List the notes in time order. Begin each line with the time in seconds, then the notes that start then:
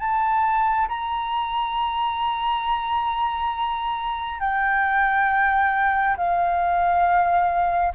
0.00 A5
0.89 A#5
4.40 G5
6.17 F5